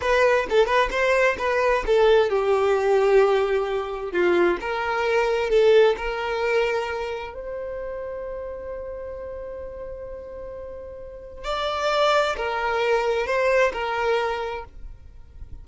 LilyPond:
\new Staff \with { instrumentName = "violin" } { \time 4/4 \tempo 4 = 131 b'4 a'8 b'8 c''4 b'4 | a'4 g'2.~ | g'4 f'4 ais'2 | a'4 ais'2. |
c''1~ | c''1~ | c''4 d''2 ais'4~ | ais'4 c''4 ais'2 | }